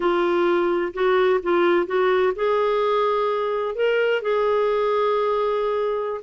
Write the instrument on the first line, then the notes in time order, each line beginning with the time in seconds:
clarinet
0.00 F4
0.93 F#4
1.42 F4
1.86 F#4
2.35 G#4
3.75 A#4
4.22 G#4